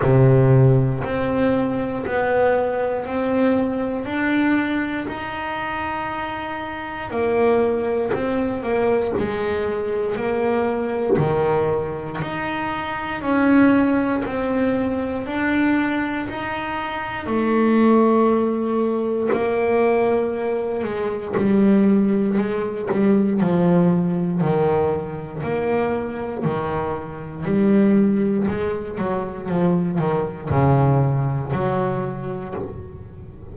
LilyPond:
\new Staff \with { instrumentName = "double bass" } { \time 4/4 \tempo 4 = 59 c4 c'4 b4 c'4 | d'4 dis'2 ais4 | c'8 ais8 gis4 ais4 dis4 | dis'4 cis'4 c'4 d'4 |
dis'4 a2 ais4~ | ais8 gis8 g4 gis8 g8 f4 | dis4 ais4 dis4 g4 | gis8 fis8 f8 dis8 cis4 fis4 | }